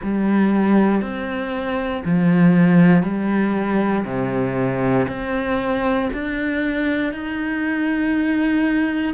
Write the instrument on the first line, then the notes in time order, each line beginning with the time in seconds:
cello
0.02 G3
1.01 C4
2.04 F3
3.02 G3
4.04 C3
5.08 C4
6.13 D4
7.12 D#4